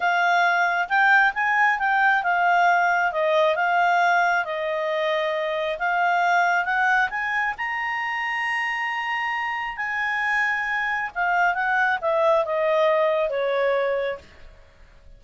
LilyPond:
\new Staff \with { instrumentName = "clarinet" } { \time 4/4 \tempo 4 = 135 f''2 g''4 gis''4 | g''4 f''2 dis''4 | f''2 dis''2~ | dis''4 f''2 fis''4 |
gis''4 ais''2.~ | ais''2 gis''2~ | gis''4 f''4 fis''4 e''4 | dis''2 cis''2 | }